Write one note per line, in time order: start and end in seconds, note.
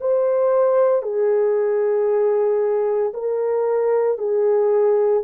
0.00 1.02 C5
1.02 3.13 G#4
3.13 4.18 A#4
4.18 5.23 G#4